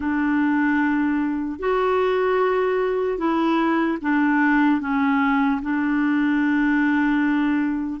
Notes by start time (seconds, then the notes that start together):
0.00 D4
1.59 F#4
3.17 E4
4.01 D4
4.80 C#4
5.62 D4